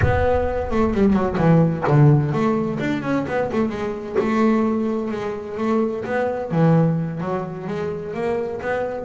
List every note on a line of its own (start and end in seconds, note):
0.02 0.70 B3
0.70 0.93 A3
0.93 1.13 G3
1.13 1.36 F#3
1.37 1.84 E3
1.87 2.32 D3
2.32 2.79 A3
2.79 3.02 D4
3.02 3.25 C#4
3.27 3.50 B3
3.52 3.69 A3
3.69 4.15 G#3
4.18 5.11 A3
5.11 5.57 G#3
5.57 6.04 A3
6.04 6.51 B3
6.51 7.21 E3
7.21 7.67 F#3
7.67 8.14 G#3
8.14 8.60 A#3
8.61 9.05 B3